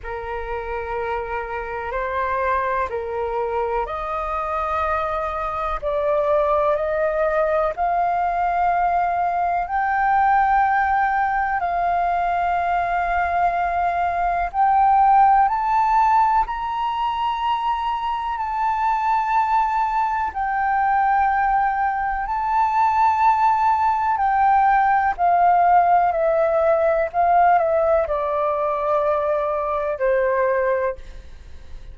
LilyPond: \new Staff \with { instrumentName = "flute" } { \time 4/4 \tempo 4 = 62 ais'2 c''4 ais'4 | dis''2 d''4 dis''4 | f''2 g''2 | f''2. g''4 |
a''4 ais''2 a''4~ | a''4 g''2 a''4~ | a''4 g''4 f''4 e''4 | f''8 e''8 d''2 c''4 | }